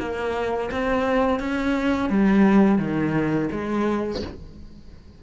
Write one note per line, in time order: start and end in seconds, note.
0.00 0.71 A#3
0.72 1.40 C4
1.40 2.10 C#4
2.10 2.79 G3
2.79 3.49 D#3
3.52 4.23 G#3